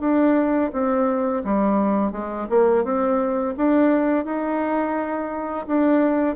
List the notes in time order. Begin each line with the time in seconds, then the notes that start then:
0.00 D4
0.73 C4
1.44 G3
2.12 G#3
2.49 A#3
2.84 C4
3.57 D4
4.25 D#4
5.67 D4